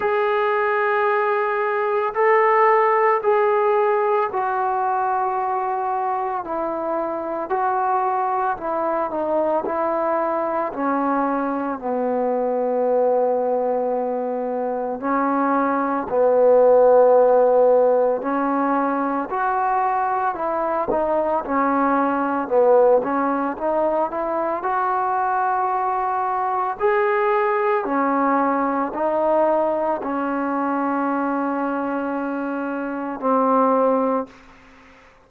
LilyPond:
\new Staff \with { instrumentName = "trombone" } { \time 4/4 \tempo 4 = 56 gis'2 a'4 gis'4 | fis'2 e'4 fis'4 | e'8 dis'8 e'4 cis'4 b4~ | b2 cis'4 b4~ |
b4 cis'4 fis'4 e'8 dis'8 | cis'4 b8 cis'8 dis'8 e'8 fis'4~ | fis'4 gis'4 cis'4 dis'4 | cis'2. c'4 | }